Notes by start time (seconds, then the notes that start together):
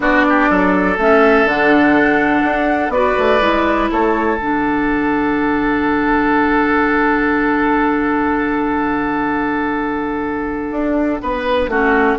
0.00 B3 D4 F#4 D5
0.29 G4
0.49 F#3 A4
0.97 A3 C#4 E5
1.44 D3 D4 F#5
2.43 D4
2.89 B3 F#4 B4 D5
3.18 A3
3.40 G#3 E4
3.91 A3 A4 C#5
4.37 D3 D4 F#5
10.70 D4
11.22 B3 B4
11.68 A3 C#4 F#4